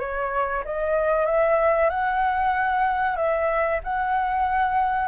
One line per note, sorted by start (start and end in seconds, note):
0.00 0.64 C#5
0.65 1.26 D#5
1.26 1.90 E5
1.90 3.17 F#5
3.17 3.80 E5
3.84 5.08 F#5